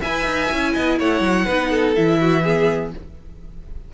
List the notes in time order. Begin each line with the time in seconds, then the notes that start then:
0.00 E4 B4 E5 G#5
0.25 D#4
0.51 C#4 E4
0.73 B3 D#5
0.98 A3 C#5 F#5
1.20 F#3
1.45 B3 D#4 B4
1.70 A4
1.95 E3 E4 E5
2.20 F#4
2.43 B3 G#4